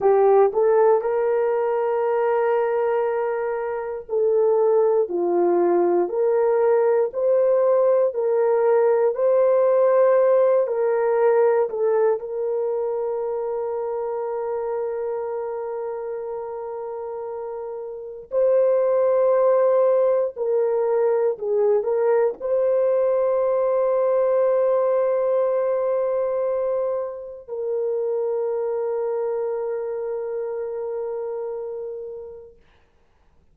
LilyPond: \new Staff \with { instrumentName = "horn" } { \time 4/4 \tempo 4 = 59 g'8 a'8 ais'2. | a'4 f'4 ais'4 c''4 | ais'4 c''4. ais'4 a'8 | ais'1~ |
ais'2 c''2 | ais'4 gis'8 ais'8 c''2~ | c''2. ais'4~ | ais'1 | }